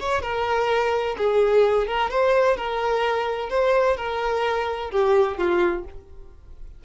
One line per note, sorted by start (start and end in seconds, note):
0.00 0.22 C#5
0.22 1.16 A#4
1.18 1.87 G#4
1.87 2.11 A#4
2.11 2.57 C5
2.57 3.50 A#4
3.50 3.97 C5
3.97 4.91 A#4
4.91 5.38 G4
5.38 5.85 F4